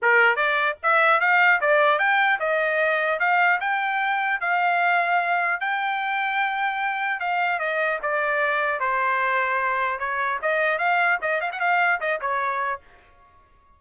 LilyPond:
\new Staff \with { instrumentName = "trumpet" } { \time 4/4 \tempo 4 = 150 ais'4 d''4 e''4 f''4 | d''4 g''4 dis''2 | f''4 g''2 f''4~ | f''2 g''2~ |
g''2 f''4 dis''4 | d''2 c''2~ | c''4 cis''4 dis''4 f''4 | dis''8 f''16 fis''16 f''4 dis''8 cis''4. | }